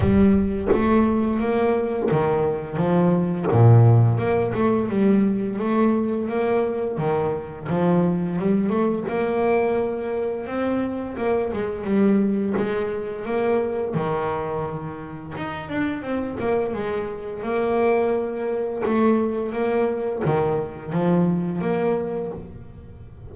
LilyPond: \new Staff \with { instrumentName = "double bass" } { \time 4/4 \tempo 4 = 86 g4 a4 ais4 dis4 | f4 ais,4 ais8 a8 g4 | a4 ais4 dis4 f4 | g8 a8 ais2 c'4 |
ais8 gis8 g4 gis4 ais4 | dis2 dis'8 d'8 c'8 ais8 | gis4 ais2 a4 | ais4 dis4 f4 ais4 | }